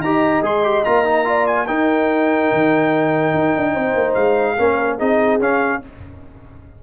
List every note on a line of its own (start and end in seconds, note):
0.00 0.41 D#4
0.00 0.44 G4
0.00 1.28 D#5
0.00 0.43 A#5
0.42 0.84 G#3
0.42 0.64 G#4
0.42 0.85 C6
0.64 0.84 G4
0.85 1.69 A#3
0.85 1.05 F4
0.85 1.47 A#5
1.05 1.25 D#4
1.25 1.67 F4
1.25 1.68 D5
1.47 1.67 G#5
1.67 4.57 D#4
1.67 2.52 D#4
1.67 3.73 A#4
1.67 4.14 G5
2.53 3.34 D#3
3.34 3.55 D#4
3.57 3.75 D4
3.73 3.95 C4
3.73 4.56 C5
3.95 4.15 A#3
4.14 4.58 G#3
4.14 4.97 F5
4.58 5.01 A#3
4.58 4.99 C#4
4.58 4.98 A#4
4.98 5.40 C4
4.98 5.40 D#4
4.98 5.81 G#4
4.98 5.41 D#5
5.40 5.81 C#4
5.40 5.82 C#4
5.40 5.84 F5